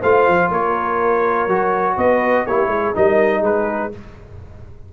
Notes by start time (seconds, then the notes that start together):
0.00 A3 F4 C5 F5
0.28 F3
0.49 A#3 A#4 C#5
1.48 F#3 F#4
1.96 B3 B4 D#5
2.47 A#3 E4 G4 C#5
2.68 G#3 G#4
2.95 G3 D#4 A#4 D#5
3.41 G#3 G#4 B4